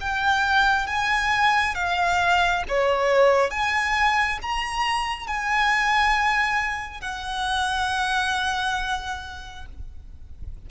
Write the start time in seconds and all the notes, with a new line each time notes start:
0.00 G5
0.87 G#5
1.75 F5
2.68 C#5
3.50 G#5
4.42 A#5
5.27 G#5
7.01 F#5